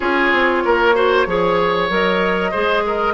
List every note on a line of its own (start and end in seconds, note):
0.00 0.32 C#4
0.00 0.94 F4
0.00 0.63 G#4
0.00 1.89 C#5
0.32 0.64 C4
0.64 1.26 A#3
0.64 0.95 A#4
0.94 1.25 F#4
0.94 1.26 C5
1.26 1.89 F3
1.26 1.89 G#4
1.26 2.51 C#5
1.89 2.52 F#3
1.89 2.52 A#4
1.89 3.14 D#5
2.51 3.14 G#3
2.51 3.14 G#4
2.51 2.82 C5
2.86 3.14 A#4